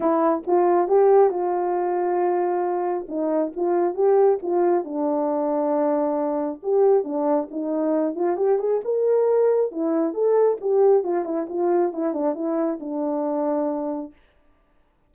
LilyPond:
\new Staff \with { instrumentName = "horn" } { \time 4/4 \tempo 4 = 136 e'4 f'4 g'4 f'4~ | f'2. dis'4 | f'4 g'4 f'4 d'4~ | d'2. g'4 |
d'4 dis'4. f'8 g'8 gis'8 | ais'2 e'4 a'4 | g'4 f'8 e'8 f'4 e'8 d'8 | e'4 d'2. | }